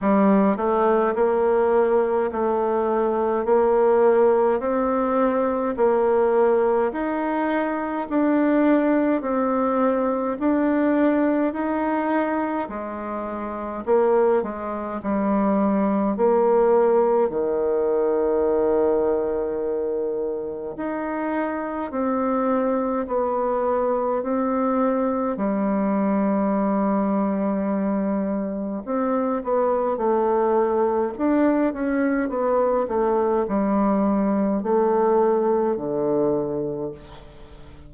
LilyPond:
\new Staff \with { instrumentName = "bassoon" } { \time 4/4 \tempo 4 = 52 g8 a8 ais4 a4 ais4 | c'4 ais4 dis'4 d'4 | c'4 d'4 dis'4 gis4 | ais8 gis8 g4 ais4 dis4~ |
dis2 dis'4 c'4 | b4 c'4 g2~ | g4 c'8 b8 a4 d'8 cis'8 | b8 a8 g4 a4 d4 | }